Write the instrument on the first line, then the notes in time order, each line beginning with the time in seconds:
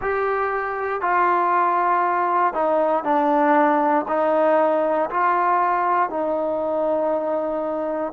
trombone
0.01 G4
1.01 F4
2.53 D#4
3.04 D4
4.08 D#4
5.09 F4
6.09 D#4